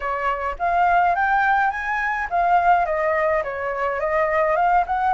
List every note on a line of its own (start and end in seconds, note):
0.00 0.56 C#5
0.58 1.15 F5
1.15 1.70 G5
1.70 2.27 G#5
2.30 2.85 F5
2.85 3.43 D#5
3.43 4.00 C#5
4.00 4.56 D#5
4.56 4.84 F5
4.86 5.13 F#5